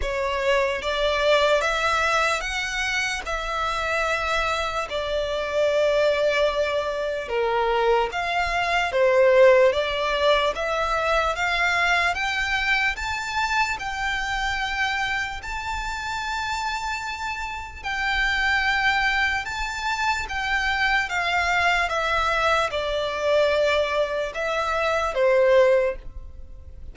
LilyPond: \new Staff \with { instrumentName = "violin" } { \time 4/4 \tempo 4 = 74 cis''4 d''4 e''4 fis''4 | e''2 d''2~ | d''4 ais'4 f''4 c''4 | d''4 e''4 f''4 g''4 |
a''4 g''2 a''4~ | a''2 g''2 | a''4 g''4 f''4 e''4 | d''2 e''4 c''4 | }